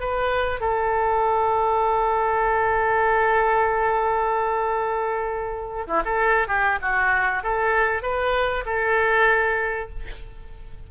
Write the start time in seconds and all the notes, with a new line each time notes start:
0.00 B4
0.60 A4
5.87 E4
6.05 A4
6.48 G4
6.81 F#4
7.43 A4
8.02 B4
8.66 A4